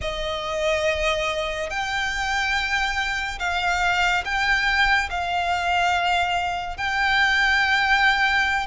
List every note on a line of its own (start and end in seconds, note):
0.01 1.69 D#5
1.69 3.38 G5
3.39 4.23 F5
4.24 5.09 G5
5.10 6.77 F5
6.77 8.66 G5